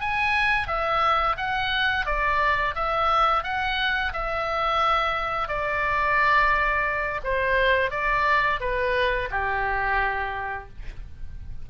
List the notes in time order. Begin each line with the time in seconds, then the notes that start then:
0.00 G#5
0.67 E5
1.37 F#5
2.06 D5
2.75 E5
3.44 F#5
4.13 E5
5.48 D5
7.24 C5
7.91 D5
8.60 B4
9.31 G4